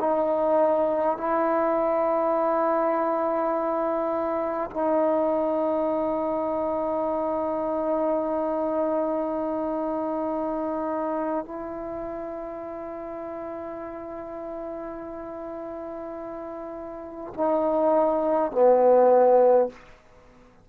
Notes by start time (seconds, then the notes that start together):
0.00 D#4
1.18 E4
4.71 D#4
11.45 E4
17.34 D#4
18.52 B3